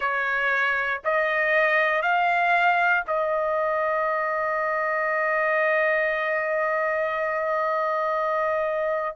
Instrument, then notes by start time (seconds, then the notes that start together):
trumpet
0.00 C#5
1.04 D#5
2.02 F5
3.07 D#5